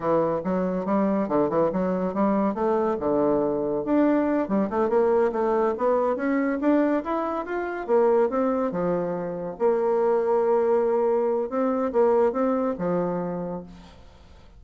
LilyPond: \new Staff \with { instrumentName = "bassoon" } { \time 4/4 \tempo 4 = 141 e4 fis4 g4 d8 e8 | fis4 g4 a4 d4~ | d4 d'4. g8 a8 ais8~ | ais8 a4 b4 cis'4 d'8~ |
d'8 e'4 f'4 ais4 c'8~ | c'8 f2 ais4.~ | ais2. c'4 | ais4 c'4 f2 | }